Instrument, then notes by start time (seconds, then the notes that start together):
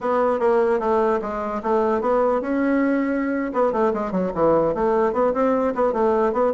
bassoon
0.01 B3
0.39 A#3
0.79 A3
1.21 G#3
1.63 A3
2.01 B3
2.41 C#4
3.53 B3
3.72 A3
3.93 G#3
4.11 F#3
4.34 E3
4.74 A3
5.13 B3
5.33 C4
5.74 B3
5.92 A3
6.33 B3